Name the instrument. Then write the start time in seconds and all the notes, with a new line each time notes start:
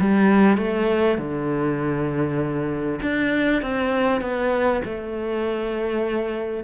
cello
0.00 G3
0.57 A3
1.18 D3
3.02 D4
3.62 C4
4.21 B3
4.85 A3